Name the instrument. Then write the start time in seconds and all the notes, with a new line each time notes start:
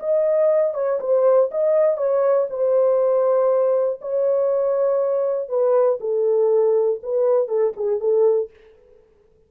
horn
0.00 D#5
0.74 C#5
1.00 C5
1.51 D#5
1.97 C#5
2.50 C5
4.02 C#5
5.49 B4
6.01 A4
7.03 B4
7.48 A4
7.77 G#4
8.00 A4